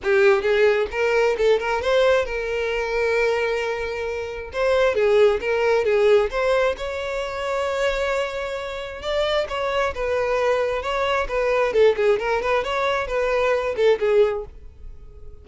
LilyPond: \new Staff \with { instrumentName = "violin" } { \time 4/4 \tempo 4 = 133 g'4 gis'4 ais'4 a'8 ais'8 | c''4 ais'2.~ | ais'2 c''4 gis'4 | ais'4 gis'4 c''4 cis''4~ |
cis''1 | d''4 cis''4 b'2 | cis''4 b'4 a'8 gis'8 ais'8 b'8 | cis''4 b'4. a'8 gis'4 | }